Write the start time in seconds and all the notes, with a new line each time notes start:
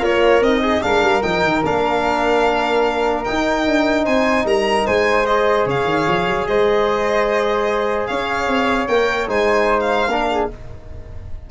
0.00 A#3 F4 A#4 C#5
0.42 C4 D#5
0.48 D#4
0.62 G#4
0.82 G#3 D4 A#4 F5
1.03 G3
1.23 F3 D#4 G5
1.43 D#3
1.65 A#3 D4 F5
3.25 D#4 G5
3.67 D4
4.05 C4 C5 G#5
4.45 G3 A#4 A#5
4.86 G#3 C5 G#5
5.26 G#4 D#5
5.66 C#3 C#5 F5
5.85 D#3
6.08 F3
6.28 F#3
6.47 G#3 C5 D#5
8.07 C#4 C#5 F5
8.48 C4
8.88 A#3 A#4 G5
9.28 G#3 D#4 C5 G#5
9.80 F5
10.08 A#3 D4 A#4
10.31 G#4